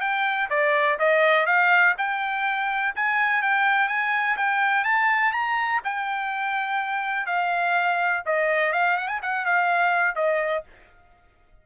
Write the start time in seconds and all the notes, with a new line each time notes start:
0.00 G5
0.49 D5
0.99 D#5
1.46 F5
1.97 G5
2.95 G#5
3.42 G5
3.88 G#5
4.37 G5
4.84 A5
5.32 A#5
5.84 G5
7.26 F5
8.25 D#5
8.72 F5
8.97 F#5
9.07 G#5
9.22 F#5
9.45 F5
10.15 D#5